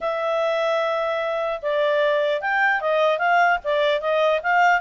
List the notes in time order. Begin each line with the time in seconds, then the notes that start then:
0.00 E5
1.61 D5
2.41 G5
2.80 D#5
3.18 F5
3.64 D5
4.00 D#5
4.42 F5